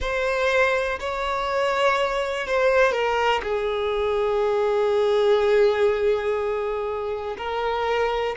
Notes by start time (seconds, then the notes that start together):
0.00 C5
0.99 C#5
2.47 C5
2.92 A#4
3.42 G#4
7.37 A#4